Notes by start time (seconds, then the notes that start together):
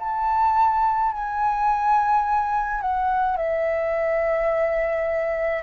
0.00 A5
1.12 G#5
2.81 F#5
3.38 E5